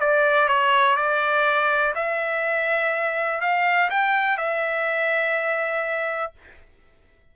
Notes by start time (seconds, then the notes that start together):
0.00 D5
0.48 C#5
0.97 D5
1.95 E5
3.41 F5
3.90 G5
4.37 E5